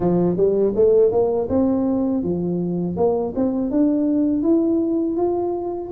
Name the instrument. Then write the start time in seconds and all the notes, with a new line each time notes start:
tuba
0.00 F3
0.36 G3
0.75 A3
1.11 A#3
1.48 C4
2.23 F3
2.96 A#3
3.35 C4
3.70 D4
4.42 E4
5.16 F4